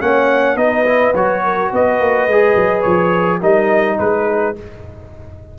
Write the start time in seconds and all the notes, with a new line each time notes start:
0.00 A#3 C#4 C#5 F#5
0.55 B3 D#4 B4 D#5
0.86 E4
1.14 F#3 F#4 C#5
1.43 A#4
1.70 B3 B4 D#5
2.00 A#3
2.27 G#3 G#4
2.56 F#3
2.82 F3 C#5
3.40 G3 D#4 A#4 D#5
3.99 G#3 G#4 B4